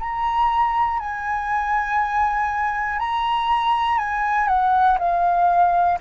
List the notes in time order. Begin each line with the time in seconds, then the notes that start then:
0.00 A#5
1.00 G#5
3.00 A#5
3.99 G#5
4.48 F#5
4.99 F5